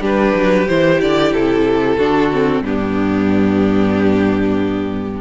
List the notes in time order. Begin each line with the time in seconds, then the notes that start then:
0.00 G3 D4 G4 B4
0.35 F#3
0.67 E3 E4 C5
1.01 D3 D5
1.32 C3 A4
1.97 D3 D4 F#4
2.32 C4
2.61 G2 B3 D4 G4